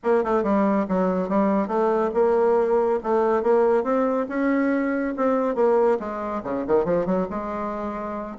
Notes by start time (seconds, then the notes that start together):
0.03 A#3
0.24 A3
0.43 G3
0.88 F#3
1.28 G3
1.67 A3
2.14 A#3
3.03 A3
3.43 A#3
3.83 C4
4.28 C#4
5.16 C4
5.55 A#3
5.99 G#3
6.43 C#3
6.67 D#3
6.84 F3
7.06 F#3
7.30 G#3